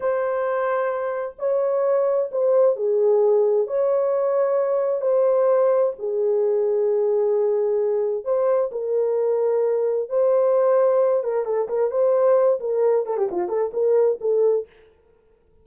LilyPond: \new Staff \with { instrumentName = "horn" } { \time 4/4 \tempo 4 = 131 c''2. cis''4~ | cis''4 c''4 gis'2 | cis''2. c''4~ | c''4 gis'2.~ |
gis'2 c''4 ais'4~ | ais'2 c''2~ | c''8 ais'8 a'8 ais'8 c''4. ais'8~ | ais'8 a'16 g'16 f'8 a'8 ais'4 a'4 | }